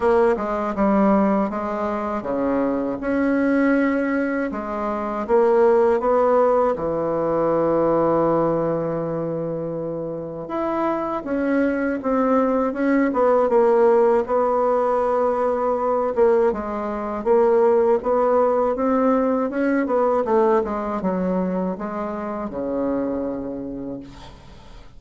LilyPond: \new Staff \with { instrumentName = "bassoon" } { \time 4/4 \tempo 4 = 80 ais8 gis8 g4 gis4 cis4 | cis'2 gis4 ais4 | b4 e2.~ | e2 e'4 cis'4 |
c'4 cis'8 b8 ais4 b4~ | b4. ais8 gis4 ais4 | b4 c'4 cis'8 b8 a8 gis8 | fis4 gis4 cis2 | }